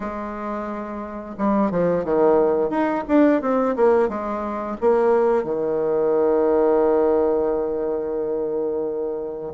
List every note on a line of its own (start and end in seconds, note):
0.00 1.35 G#3
1.38 1.70 G3
1.70 2.04 F3
2.04 2.70 D#3
2.70 3.04 D#4
3.07 3.41 D4
3.41 3.75 C4
3.76 4.08 A#3
4.08 4.77 G#3
4.81 5.44 A#3
5.44 9.53 D#3